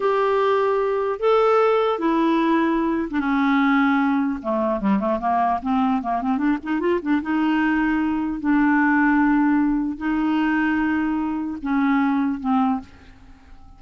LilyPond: \new Staff \with { instrumentName = "clarinet" } { \time 4/4 \tempo 4 = 150 g'2. a'4~ | a'4 e'2~ e'8. d'16 | cis'2. a4 | g8 a8 ais4 c'4 ais8 c'8 |
d'8 dis'8 f'8 d'8 dis'2~ | dis'4 d'2.~ | d'4 dis'2.~ | dis'4 cis'2 c'4 | }